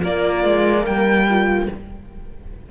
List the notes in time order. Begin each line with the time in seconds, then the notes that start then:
0.00 A#3 F4 D5
0.44 G#3
0.80 A#4 G5
0.86 G3
1.29 F4